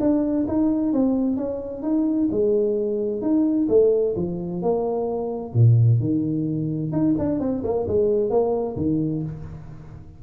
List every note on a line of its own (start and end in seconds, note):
0.00 0.46 D4
0.48 0.93 D#4
0.93 1.37 C4
1.37 1.83 C#4
1.83 2.29 D#4
2.31 3.21 G#3
3.21 3.68 D#4
3.69 4.15 A3
4.16 4.62 F3
4.62 5.54 A#3
5.54 6.00 A#2
6.00 6.92 D#3
6.92 7.15 D#4
7.18 7.40 D4
7.40 7.63 C4
7.64 7.87 A#3
7.88 8.30 G#3
8.30 8.76 A#3
8.77 9.23 D#3